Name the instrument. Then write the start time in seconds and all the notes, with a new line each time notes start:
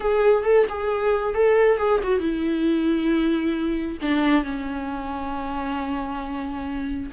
viola
0.00 G#4
0.44 A4
0.69 G#4
1.34 A4
1.77 G#4
2.03 F#4
2.19 E4
4.01 D4
4.43 C#4